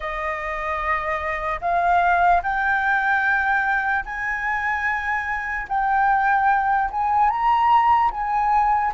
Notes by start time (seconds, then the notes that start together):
0.00 D#5
1.61 F5
2.42 G5
4.05 G#5
5.68 G5
6.90 G#5
7.29 A#5
8.11 G#5